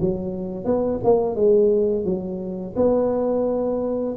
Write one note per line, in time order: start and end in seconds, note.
0.00 0.65 F#3
0.65 1.00 B3
1.04 1.35 A#3
1.35 2.05 G#3
2.05 2.74 F#3
2.76 4.15 B3